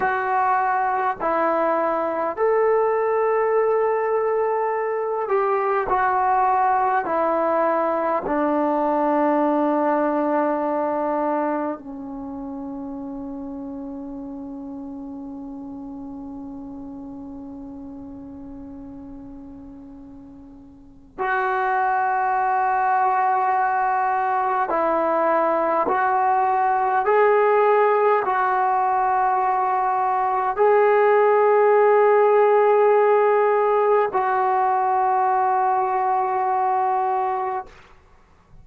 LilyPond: \new Staff \with { instrumentName = "trombone" } { \time 4/4 \tempo 4 = 51 fis'4 e'4 a'2~ | a'8 g'8 fis'4 e'4 d'4~ | d'2 cis'2~ | cis'1~ |
cis'2 fis'2~ | fis'4 e'4 fis'4 gis'4 | fis'2 gis'2~ | gis'4 fis'2. | }